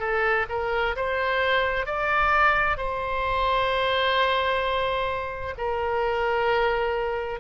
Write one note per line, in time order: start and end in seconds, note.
0.00 0.46 A4
0.50 0.96 A#4
0.96 1.86 C5
1.86 2.77 D5
2.77 5.54 C5
5.58 7.40 A#4